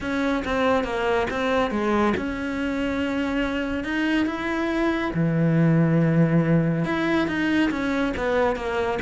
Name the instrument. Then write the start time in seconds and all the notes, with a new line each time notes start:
cello
0.01 C#4
0.44 C4
0.84 A#3
1.30 C4
1.70 G#3
2.16 C#4
3.84 D#4
4.25 E4
5.14 E3
6.85 E4
7.27 D#4
7.70 C#4
8.16 B3
8.56 A#3